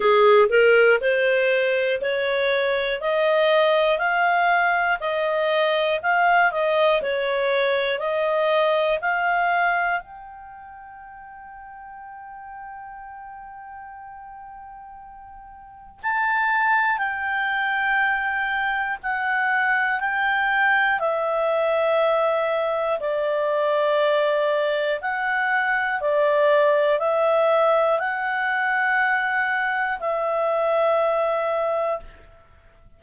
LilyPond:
\new Staff \with { instrumentName = "clarinet" } { \time 4/4 \tempo 4 = 60 gis'8 ais'8 c''4 cis''4 dis''4 | f''4 dis''4 f''8 dis''8 cis''4 | dis''4 f''4 g''2~ | g''1 |
a''4 g''2 fis''4 | g''4 e''2 d''4~ | d''4 fis''4 d''4 e''4 | fis''2 e''2 | }